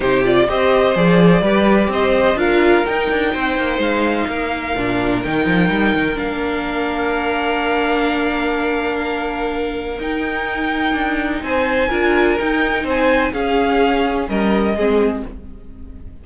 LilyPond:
<<
  \new Staff \with { instrumentName = "violin" } { \time 4/4 \tempo 4 = 126 c''8 d''8 dis''4 d''2 | dis''4 f''4 g''2 | f''2. g''4~ | g''4 f''2.~ |
f''1~ | f''4 g''2. | gis''2 g''4 gis''4 | f''2 dis''2 | }
  \new Staff \with { instrumentName = "violin" } { \time 4/4 g'4 c''2 b'4 | c''4 ais'2 c''4~ | c''4 ais'2.~ | ais'1~ |
ais'1~ | ais'1 | c''4 ais'2 c''4 | gis'2 ais'4 gis'4 | }
  \new Staff \with { instrumentName = "viola" } { \time 4/4 dis'8 f'8 g'4 gis'4 g'4~ | g'4 f'4 dis'2~ | dis'2 d'4 dis'4~ | dis'4 d'2.~ |
d'1~ | d'4 dis'2.~ | dis'4 f'4 dis'2 | cis'2. c'4 | }
  \new Staff \with { instrumentName = "cello" } { \time 4/4 c4 c'4 f4 g4 | c'4 d'4 dis'8 d'8 c'8 ais8 | gis4 ais4 ais,4 dis8 f8 | g8 dis8 ais2.~ |
ais1~ | ais4 dis'2 d'4 | c'4 d'4 dis'4 c'4 | cis'2 g4 gis4 | }
>>